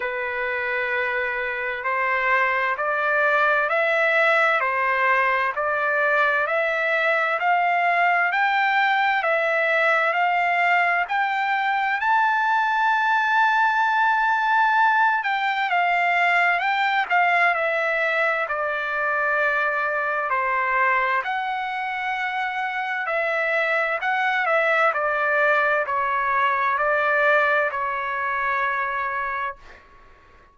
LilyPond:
\new Staff \with { instrumentName = "trumpet" } { \time 4/4 \tempo 4 = 65 b'2 c''4 d''4 | e''4 c''4 d''4 e''4 | f''4 g''4 e''4 f''4 | g''4 a''2.~ |
a''8 g''8 f''4 g''8 f''8 e''4 | d''2 c''4 fis''4~ | fis''4 e''4 fis''8 e''8 d''4 | cis''4 d''4 cis''2 | }